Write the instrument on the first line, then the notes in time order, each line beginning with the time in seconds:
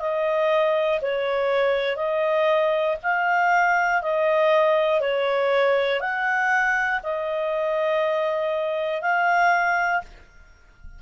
clarinet
0.00 D#5
1.02 C#5
1.96 D#5
3.03 F5
4.02 D#5
5.00 C#5
6.00 F#5
7.03 D#5
9.02 F5